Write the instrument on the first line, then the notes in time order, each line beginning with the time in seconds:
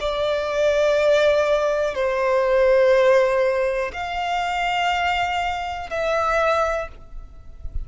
violin
0.00 D5
1.94 C5
3.93 F5
5.90 E5